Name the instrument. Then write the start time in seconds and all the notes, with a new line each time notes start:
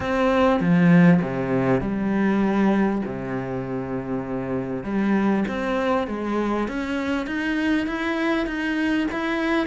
cello
0.00 C4
0.60 F3
1.21 C3
1.80 G3
3.05 C3
4.83 G3
5.48 C4
6.07 G#3
6.67 C#4
7.26 D#4
7.86 E4
8.46 D#4
9.11 E4